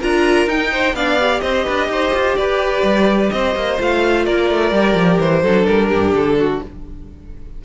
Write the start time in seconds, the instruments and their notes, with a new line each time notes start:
0.00 cello D4, viola F4, violin A#4 A#5
0.47 cello D#4, viola D#4, violin G5
0.72 violin C5
0.94 cello B3, viola D4, violin D5 F5
1.21 viola G4
1.40 cello C4, violin C5 D#5
1.65 cello D4, violin B4
1.88 cello D#4, violin C5
2.14 cello F4
2.36 cello G4, violin B4 D5
2.83 cello G3
3.31 cello C4, violin C5 D#5
3.56 cello A#3
3.78 cello A3, viola F4, violin F5
4.25 cello A#3, violin A#4 D5
4.51 cello A3
4.72 cello G3, viola G4
4.95 cello F3
5.20 cello E3, violin C5
5.43 cello F#3, viola D4, violin A4
5.66 cello G3, violin A#4
5.89 cello G2, violin G4
6.12 cello D3, violin A4
6.39 violin F#4